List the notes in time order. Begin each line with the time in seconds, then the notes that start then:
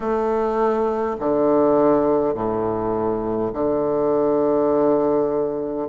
0.00 A3
1.19 D3
2.34 A2
3.53 D3